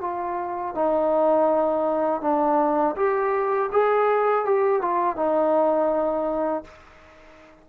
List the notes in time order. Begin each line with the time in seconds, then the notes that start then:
0.00 F4
0.74 D#4
2.21 D4
2.96 G4
3.72 G#4
4.44 G4
4.81 F4
5.15 D#4